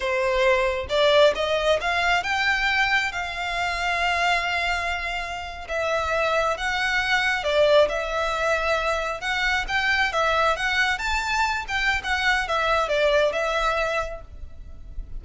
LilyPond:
\new Staff \with { instrumentName = "violin" } { \time 4/4 \tempo 4 = 135 c''2 d''4 dis''4 | f''4 g''2 f''4~ | f''1~ | f''8. e''2 fis''4~ fis''16~ |
fis''8. d''4 e''2~ e''16~ | e''8. fis''4 g''4 e''4 fis''16~ | fis''8. a''4. g''8. fis''4 | e''4 d''4 e''2 | }